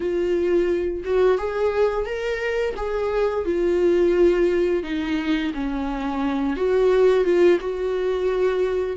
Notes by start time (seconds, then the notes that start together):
0.00 F4
1.04 F#4
1.38 G#4
2.05 A#4
2.76 G#4
3.45 F4
4.83 D#4
5.53 C#4
6.56 F#4
7.24 F4
7.60 F#4